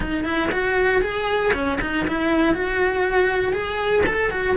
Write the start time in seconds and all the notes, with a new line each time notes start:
0.00 D#4
0.24 E4
0.51 F#4
1.01 G#4
1.53 C#4
1.81 D#4
2.07 E4
2.54 F#4
3.52 G#4
4.06 A4
4.31 F#4